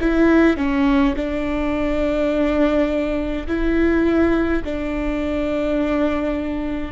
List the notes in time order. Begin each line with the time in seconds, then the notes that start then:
0.00 E4
0.57 C#4
1.15 D4
3.47 E4
4.64 D4